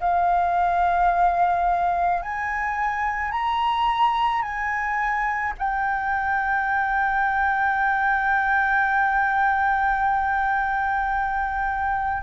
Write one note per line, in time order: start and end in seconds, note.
0.00 2.22 F5
2.22 3.31 G#5
3.31 4.42 A#5
4.42 5.53 G#5
5.58 12.22 G5